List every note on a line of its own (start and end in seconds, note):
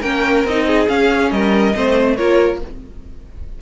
0.00 0.44 A#3
0.00 0.45 C#4
0.00 0.64 A#4
0.00 0.45 G5
0.44 0.87 C4
0.44 0.87 D#4
0.44 0.88 D#5
0.67 1.31 G#4
0.87 1.73 C#4
0.87 1.31 C#4
0.87 1.31 F5
1.31 1.74 G3
1.31 1.75 A#4
1.31 2.16 D#5
1.74 2.18 A3
1.74 2.17 C4
1.74 2.16 C5
2.16 2.61 A#3
2.16 2.60 F4
2.16 2.59 A#4
2.16 2.59 C#5